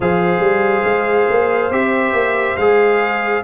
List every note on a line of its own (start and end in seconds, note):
0.00 0.39 F3
0.00 1.71 G#4
0.00 3.43 C5
0.00 1.72 F5
0.39 0.82 G3
0.84 1.27 G#3
1.29 1.71 A#3
1.71 2.12 C4
1.71 2.56 G4
1.71 2.56 E5
2.12 2.55 A#3
2.56 3.42 G#3
2.56 3.43 G#4
2.56 3.42 F5